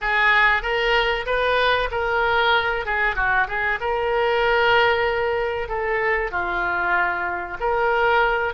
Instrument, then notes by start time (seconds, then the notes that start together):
oboe
0.01 G#4
0.62 A#4
1.25 B4
1.91 A#4
2.85 G#4
3.16 F#4
3.47 G#4
3.80 A#4
5.68 A4
6.31 F4
7.60 A#4